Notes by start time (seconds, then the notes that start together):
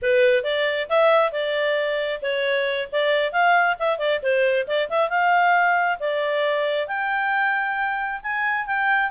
0.02 B4
0.43 D5
0.89 E5
1.32 D5
2.22 C#5
2.92 D5
3.32 F5
3.79 E5
3.98 D5
4.22 C5
4.67 D5
4.89 E5
5.09 F5
5.99 D5
6.87 G5
8.22 G#5
8.66 G5